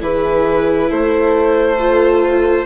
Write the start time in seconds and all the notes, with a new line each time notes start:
0.00 E3 E4 G#4 B4
0.90 A3 A4 C5
1.79 F4